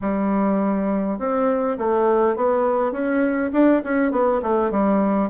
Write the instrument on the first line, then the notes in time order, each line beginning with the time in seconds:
bassoon
0.01 G3
1.18 C4
1.78 A3
2.36 B3
2.91 C#4
3.52 D4
3.84 C#4
4.11 B3
4.42 A3
4.71 G3